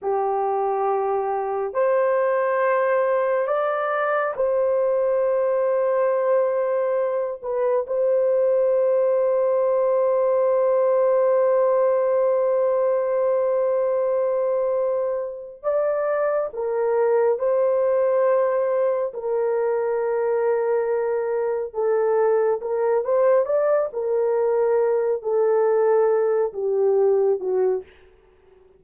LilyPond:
\new Staff \with { instrumentName = "horn" } { \time 4/4 \tempo 4 = 69 g'2 c''2 | d''4 c''2.~ | c''8 b'8 c''2.~ | c''1~ |
c''2 d''4 ais'4 | c''2 ais'2~ | ais'4 a'4 ais'8 c''8 d''8 ais'8~ | ais'4 a'4. g'4 fis'8 | }